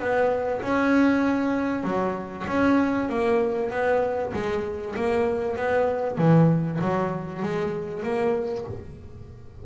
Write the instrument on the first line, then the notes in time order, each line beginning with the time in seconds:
double bass
0.00 B3
0.62 C#4
1.84 F#3
2.48 C#4
3.10 A#3
3.71 B3
4.34 G#3
4.96 A#3
5.57 B3
6.18 E3
6.82 F#3
7.43 G#3
8.03 A#3